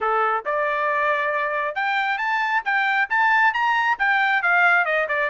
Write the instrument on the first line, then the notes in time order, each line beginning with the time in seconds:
trumpet
0.00 A4
0.45 D5
1.75 G5
2.18 A5
2.65 G5
3.09 A5
3.53 A#5
3.98 G5
4.42 F5
4.85 D#5
5.08 D5